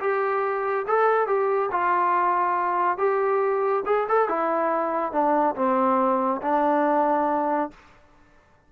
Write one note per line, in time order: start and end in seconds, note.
0.00 0.86 G4
0.87 1.27 A4
1.27 1.69 G4
1.71 2.97 F4
2.97 3.83 G4
3.86 4.07 G#4
4.08 4.29 A4
4.29 5.12 E4
5.12 5.55 D4
5.55 6.41 C4
6.42 7.70 D4